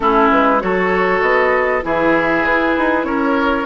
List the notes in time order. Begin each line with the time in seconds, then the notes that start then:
0.00 A3 C#4 E4 A4
0.30 G#3 B4
0.59 F#3 F#4 A4 C#5
1.21 B3 D#5
1.82 E3 E4 G#4 E5
2.44 E4 B4
2.78 D#4
3.04 C#4 A#4 C#5